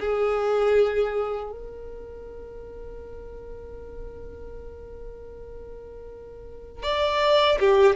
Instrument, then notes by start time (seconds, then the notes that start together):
violin
0.00 G#4
1.52 A#4
6.84 D5
7.60 G4